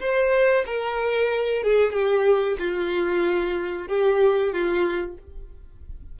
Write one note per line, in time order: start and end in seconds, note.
0.00 0.65 C5
0.66 1.63 A#4
1.63 1.93 G#4
1.93 2.57 G4
2.59 3.88 F4
3.88 4.52 G4
4.52 5.17 F4